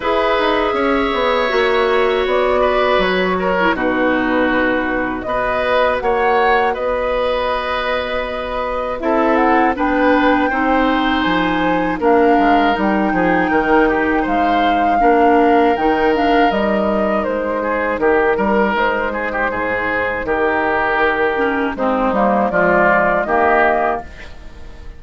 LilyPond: <<
  \new Staff \with { instrumentName = "flute" } { \time 4/4 \tempo 4 = 80 e''2. d''4 | cis''4 b'2 dis''4 | fis''4 dis''2. | e''8 fis''8 g''2 gis''4 |
f''4 g''2 f''4~ | f''4 g''8 f''8 dis''4 c''4 | ais'4 c''2 ais'4~ | ais'4 c''4 d''4 dis''4 | }
  \new Staff \with { instrumentName = "oboe" } { \time 4/4 b'4 cis''2~ cis''8 b'8~ | b'8 ais'8 fis'2 b'4 | cis''4 b'2. | a'4 b'4 c''2 |
ais'4. gis'8 ais'8 g'8 c''4 | ais'2.~ ais'8 gis'8 | g'8 ais'4 gis'16 g'16 gis'4 g'4~ | g'4 dis'4 f'4 g'4 | }
  \new Staff \with { instrumentName = "clarinet" } { \time 4/4 gis'2 fis'2~ | fis'8. e'16 dis'2 fis'4~ | fis'1 | e'4 d'4 dis'2 |
d'4 dis'2. | d'4 dis'8 d'8 dis'2~ | dis'1~ | dis'8 cis'8 c'8 ais8 gis4 ais4 | }
  \new Staff \with { instrumentName = "bassoon" } { \time 4/4 e'8 dis'8 cis'8 b8 ais4 b4 | fis4 b,2 b4 | ais4 b2. | c'4 b4 c'4 f4 |
ais8 gis8 g8 f8 dis4 gis4 | ais4 dis4 g4 gis4 | dis8 g8 gis4 gis,4 dis4~ | dis4 gis8 g8 f4 dis4 | }
>>